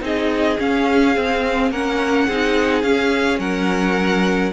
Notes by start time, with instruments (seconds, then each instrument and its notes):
0.00 cello C4, viola D#4, violin G#4 D#5
0.59 viola C#4, cello C#4, violin F5
1.15 viola C4, cello C4
1.71 cello A#3, viola C#4, violin A#4 F#5
2.27 cello C4, viola D#4, violin G#4
2.82 cello C#4, viola C#4, violin F5
3.38 cello F#3, violin A#4 F#5